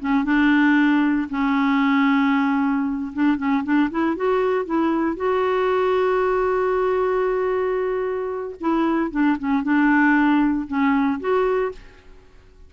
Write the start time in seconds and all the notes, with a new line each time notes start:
0.00 C#4
0.24 D4
1.30 C#4
3.13 D4
3.37 C#4
3.64 D4
3.91 E4
4.16 F#4
4.65 E4
5.17 F#4
8.60 E4
9.11 D4
9.39 C#4
9.63 D4
10.67 C#4
11.20 F#4